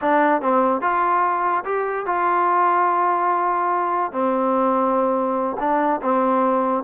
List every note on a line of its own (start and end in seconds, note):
0.01 0.41 D4
0.41 0.81 C4
0.81 1.63 F4
1.65 2.06 G4
2.06 4.12 F4
4.12 5.56 C4
5.59 6.01 D4
6.02 6.83 C4